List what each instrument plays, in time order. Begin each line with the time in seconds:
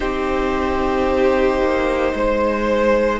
0.00 cello C4, viola D#4, violin G4 C5
1.59 cello A#3
2.13 cello G#3, violin C5